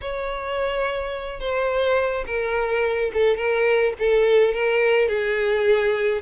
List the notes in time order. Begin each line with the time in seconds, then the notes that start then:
0.01 C#5
1.39 C5
2.26 A#4
3.13 A4
3.36 A#4
3.99 A4
4.54 A#4
5.08 G#4